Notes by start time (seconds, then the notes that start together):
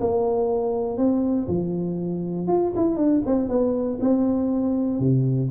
0.00 A#3
0.97 C4
1.47 F3
2.47 F4
2.75 E4
2.96 D4
3.25 C4
3.48 B3
4.00 C4
4.99 C3